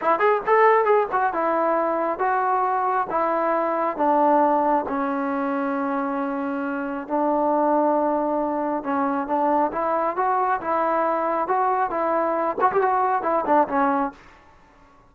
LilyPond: \new Staff \with { instrumentName = "trombone" } { \time 4/4 \tempo 4 = 136 e'8 gis'8 a'4 gis'8 fis'8 e'4~ | e'4 fis'2 e'4~ | e'4 d'2 cis'4~ | cis'1 |
d'1 | cis'4 d'4 e'4 fis'4 | e'2 fis'4 e'4~ | e'8 fis'16 g'16 fis'4 e'8 d'8 cis'4 | }